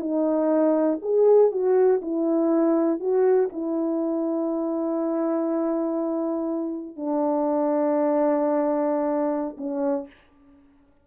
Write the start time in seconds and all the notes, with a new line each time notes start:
0.00 D#4
1.02 G#4
1.51 F#4
2.02 E4
3.00 F#4
3.52 E4
6.96 D4
9.57 C#4